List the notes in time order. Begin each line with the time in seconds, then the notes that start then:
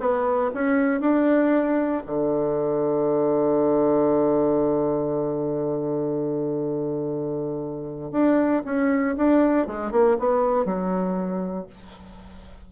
0.00 B3
0.55 C#4
1.01 D4
2.06 D3
8.12 D4
8.65 C#4
9.17 D4
9.67 G#3
9.92 A#3
10.19 B3
10.65 F#3